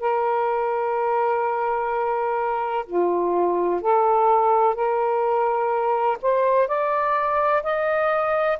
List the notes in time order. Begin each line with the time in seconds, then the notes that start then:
0.00 A#4
2.86 F4
3.81 A4
4.75 A#4
6.22 C5
6.68 D5
7.63 D#5